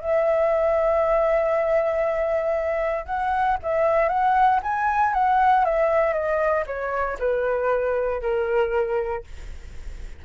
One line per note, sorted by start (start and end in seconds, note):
0.00 3.05 E5
3.05 3.57 F#5
3.62 4.08 E5
4.08 4.60 F#5
4.63 5.13 G#5
5.13 5.65 F#5
5.65 6.13 E5
6.13 6.64 D#5
6.66 7.17 C#5
7.19 8.21 B4
8.21 9.24 A#4